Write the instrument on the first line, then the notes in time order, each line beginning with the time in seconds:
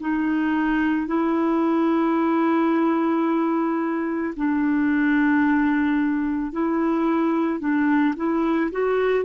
clarinet
0.00 D#4
1.07 E4
4.36 D4
6.52 E4
7.59 D4
8.16 E4
8.71 F#4